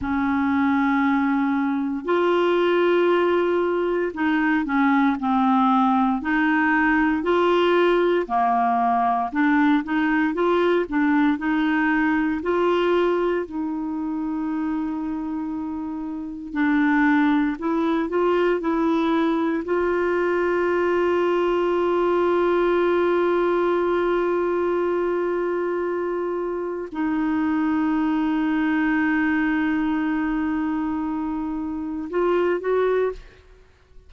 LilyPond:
\new Staff \with { instrumentName = "clarinet" } { \time 4/4 \tempo 4 = 58 cis'2 f'2 | dis'8 cis'8 c'4 dis'4 f'4 | ais4 d'8 dis'8 f'8 d'8 dis'4 | f'4 dis'2. |
d'4 e'8 f'8 e'4 f'4~ | f'1~ | f'2 dis'2~ | dis'2. f'8 fis'8 | }